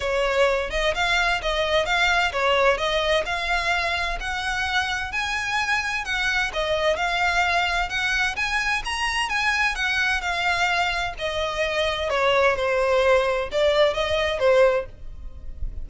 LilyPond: \new Staff \with { instrumentName = "violin" } { \time 4/4 \tempo 4 = 129 cis''4. dis''8 f''4 dis''4 | f''4 cis''4 dis''4 f''4~ | f''4 fis''2 gis''4~ | gis''4 fis''4 dis''4 f''4~ |
f''4 fis''4 gis''4 ais''4 | gis''4 fis''4 f''2 | dis''2 cis''4 c''4~ | c''4 d''4 dis''4 c''4 | }